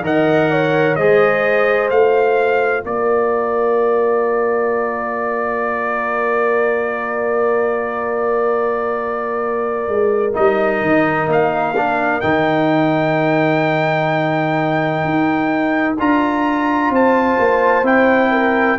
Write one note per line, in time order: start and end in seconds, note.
0.00 0.94 D#3
0.00 0.97 A#4
0.00 0.51 D#5
0.00 0.95 F#5
0.51 0.98 C#5
0.95 1.90 G#3
0.95 1.92 G#4
0.95 2.85 C5
0.95 1.89 D#5
1.90 2.84 A3
1.90 10.34 F4
1.90 2.84 F5
2.84 9.87 A#3
2.84 16.92 A#4
2.84 10.35 D5
9.87 10.34 G#3
10.34 10.82 G3
10.34 11.74 D#4
10.34 11.29 D#5
10.82 11.27 D#3
11.27 12.21 A#3
11.27 12.20 F5
11.76 12.22 D4
12.20 15.04 D#3
12.20 15.97 D#4
12.20 15.95 G5
15.04 15.98 D#4
15.99 16.90 D4
15.99 17.84 F4
15.99 16.94 A#5
16.90 17.37 C4
16.90 18.31 C5
16.90 17.86 A5
17.38 17.83 A#3
17.83 18.77 C4
17.83 18.78 E4
17.83 18.79 G5
18.31 18.78 A#4